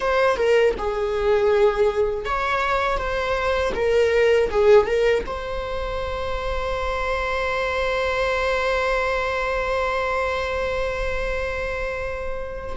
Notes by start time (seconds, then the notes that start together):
0.00 C5
0.36 A#4
0.77 G#4
2.25 C#5
2.97 C5
3.75 A#4
4.50 G#4
4.86 A#4
5.26 C5